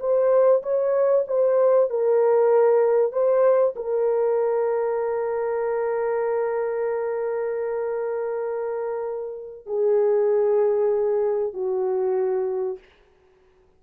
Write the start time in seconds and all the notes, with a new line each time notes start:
0.00 C5
0.63 C#5
1.28 C5
1.90 A#4
3.12 C5
3.76 A#4
9.66 G#4
11.54 F#4